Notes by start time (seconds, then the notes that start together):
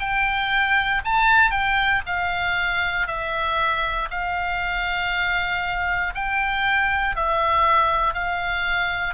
0.00 G5
1.04 A5
1.51 G5
2.06 F5
3.07 E5
4.10 F5
6.15 G5
7.16 E5
8.14 F5